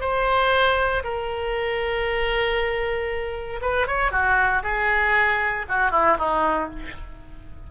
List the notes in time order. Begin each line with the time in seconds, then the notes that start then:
0.00 C5
1.03 A#4
3.61 B4
3.87 C#5
4.11 F#4
4.63 G#4
5.68 F#4
5.91 E4
6.18 D#4